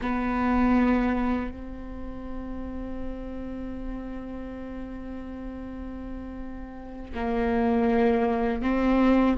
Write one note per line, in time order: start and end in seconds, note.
0.01 1.50 B3
1.50 7.13 C4
7.14 8.61 A#3
8.61 9.36 C4